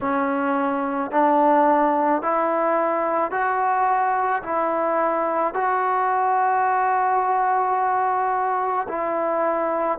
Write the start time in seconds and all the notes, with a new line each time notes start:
0.01 C#4
1.11 D4
2.22 E4
3.31 F#4
4.42 E4
5.54 F#4
8.88 E4